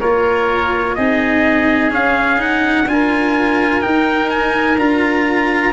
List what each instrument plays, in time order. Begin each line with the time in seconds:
0.00 tuba A#3, cello F4, oboe A#4, trumpet C#5
0.95 tuba C4, cello D#4, oboe G#4, trumpet D#5
1.91 cello C#4, tuba C#4, trumpet F5
2.37 cello D#4, trumpet F#5
2.86 tuba D4, cello F4, trumpet G#5
2.92 oboe A#4
3.81 cello D#4, tuba D#4, trumpet G5
4.30 trumpet G#5
4.77 tuba D4, cello F4, trumpet A#5